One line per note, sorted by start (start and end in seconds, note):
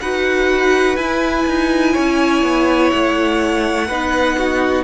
0.00 0.97 D#4
0.00 0.97 F#4
0.00 1.93 B4
0.00 0.96 F#5
0.96 1.45 E4
0.96 3.88 E4
0.96 2.90 G#5
1.46 1.95 D#4
1.93 2.42 C#4
1.93 3.87 C#5
2.42 2.91 B3
2.90 3.90 A3
2.90 4.83 F#5
3.87 4.84 B3
3.87 4.84 D#4
3.87 4.36 B4
4.37 4.84 F#4